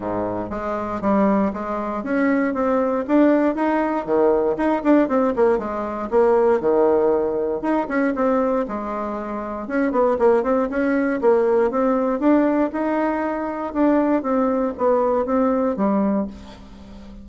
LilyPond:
\new Staff \with { instrumentName = "bassoon" } { \time 4/4 \tempo 4 = 118 gis,4 gis4 g4 gis4 | cis'4 c'4 d'4 dis'4 | dis4 dis'8 d'8 c'8 ais8 gis4 | ais4 dis2 dis'8 cis'8 |
c'4 gis2 cis'8 b8 | ais8 c'8 cis'4 ais4 c'4 | d'4 dis'2 d'4 | c'4 b4 c'4 g4 | }